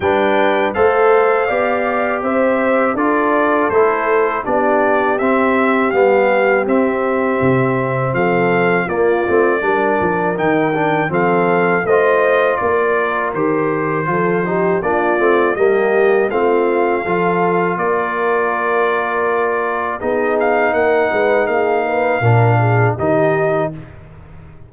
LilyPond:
<<
  \new Staff \with { instrumentName = "trumpet" } { \time 4/4 \tempo 4 = 81 g''4 f''2 e''4 | d''4 c''4 d''4 e''4 | f''4 e''2 f''4 | d''2 g''4 f''4 |
dis''4 d''4 c''2 | d''4 dis''4 f''2 | d''2. dis''8 f''8 | fis''4 f''2 dis''4 | }
  \new Staff \with { instrumentName = "horn" } { \time 4/4 b'4 c''4 d''4 c''4 | a'2 g'2~ | g'2. a'4 | f'4 ais'2 a'4 |
c''4 ais'2 a'8 g'8 | f'4 g'4 f'4 a'4 | ais'2. gis'4 | ais'8 b'8 gis'8 b'8 ais'8 gis'8 g'4 | }
  \new Staff \with { instrumentName = "trombone" } { \time 4/4 d'4 a'4 g'2 | f'4 e'4 d'4 c'4 | b4 c'2. | ais8 c'8 d'4 dis'8 d'8 c'4 |
f'2 g'4 f'8 dis'8 | d'8 c'8 ais4 c'4 f'4~ | f'2. dis'4~ | dis'2 d'4 dis'4 | }
  \new Staff \with { instrumentName = "tuba" } { \time 4/4 g4 a4 b4 c'4 | d'4 a4 b4 c'4 | g4 c'4 c4 f4 | ais8 a8 g8 f8 dis4 f4 |
a4 ais4 dis4 f4 | ais8 a8 g4 a4 f4 | ais2. b4 | ais8 gis8 ais4 ais,4 dis4 | }
>>